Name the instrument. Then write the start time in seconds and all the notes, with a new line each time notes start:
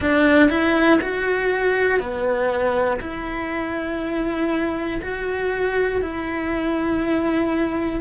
cello
0.00 D4
0.49 E4
1.00 F#4
1.99 B3
3.00 E4
5.01 F#4
6.01 E4